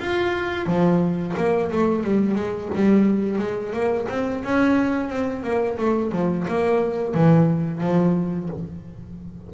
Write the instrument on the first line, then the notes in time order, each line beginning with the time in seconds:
double bass
0.00 F4
0.66 F3
1.37 A#3
1.71 A3
2.04 G3
2.35 G#3
2.75 G3
3.39 G#3
3.73 A#3
4.09 C4
4.44 C#4
5.10 C4
5.44 A#3
5.78 A3
6.12 F3
6.48 A#3
7.14 E3
7.81 F3